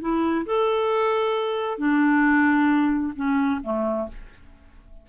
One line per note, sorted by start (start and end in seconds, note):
0.00 0.45 E4
0.46 1.78 A4
1.78 3.13 D4
3.15 3.60 C#4
3.63 4.08 A3